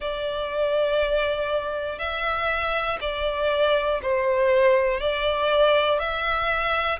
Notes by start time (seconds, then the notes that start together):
0.00 D5
1.98 E5
3.00 D5
4.02 C5
5.00 D5
5.99 E5